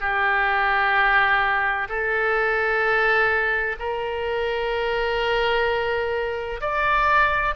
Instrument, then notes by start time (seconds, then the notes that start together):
oboe
0.00 G4
1.88 A4
3.79 A#4
6.61 D5